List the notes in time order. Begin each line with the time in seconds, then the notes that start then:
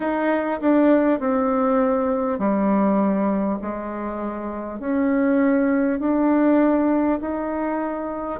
0.00 D#4
0.60 D4
1.19 C4
2.38 G3
3.61 G#3
4.79 C#4
5.99 D4
7.21 D#4